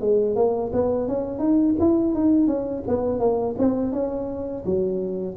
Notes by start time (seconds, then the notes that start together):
0.00 G#3
0.35 A#3
0.73 B3
1.08 C#4
1.39 D#4
1.80 E4
2.14 D#4
2.47 C#4
2.87 B3
3.19 A#3
3.58 C4
3.92 C#4
4.65 F#3